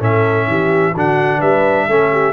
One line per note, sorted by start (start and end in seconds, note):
0.00 0.48 A2
0.00 0.94 C#4
0.00 0.48 A4
0.00 0.98 E5
0.48 0.95 E3
0.48 0.94 G4
0.94 1.42 D3
0.94 1.90 D4
0.94 1.38 F#4
0.94 1.42 F#5
1.38 1.88 G3
1.38 1.86 B4
1.38 2.34 E5
1.88 2.34 A3
1.88 2.34 C#4
1.88 2.12 A4
2.12 2.34 G4